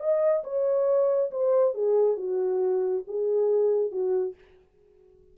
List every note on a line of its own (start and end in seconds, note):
0.00 0.43 D#5
0.44 1.31 C#5
1.31 1.75 C5
1.75 2.17 G#4
2.17 3.04 F#4
3.08 3.92 G#4
3.92 4.35 F#4